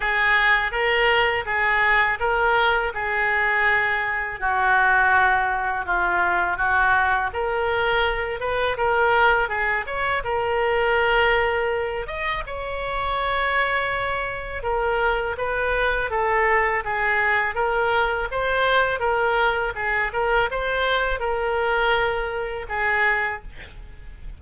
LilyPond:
\new Staff \with { instrumentName = "oboe" } { \time 4/4 \tempo 4 = 82 gis'4 ais'4 gis'4 ais'4 | gis'2 fis'2 | f'4 fis'4 ais'4. b'8 | ais'4 gis'8 cis''8 ais'2~ |
ais'8 dis''8 cis''2. | ais'4 b'4 a'4 gis'4 | ais'4 c''4 ais'4 gis'8 ais'8 | c''4 ais'2 gis'4 | }